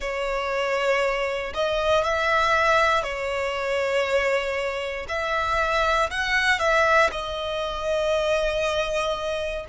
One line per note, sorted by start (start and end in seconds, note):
0.00 1.53 C#5
1.53 2.03 D#5
2.03 3.03 E5
3.03 5.06 C#5
5.08 6.10 E5
6.10 6.59 F#5
6.59 7.10 E5
7.11 9.65 D#5